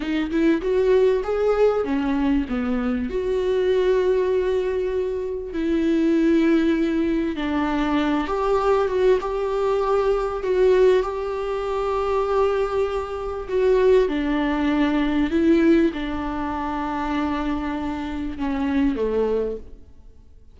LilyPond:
\new Staff \with { instrumentName = "viola" } { \time 4/4 \tempo 4 = 98 dis'8 e'8 fis'4 gis'4 cis'4 | b4 fis'2.~ | fis'4 e'2. | d'4. g'4 fis'8 g'4~ |
g'4 fis'4 g'2~ | g'2 fis'4 d'4~ | d'4 e'4 d'2~ | d'2 cis'4 a4 | }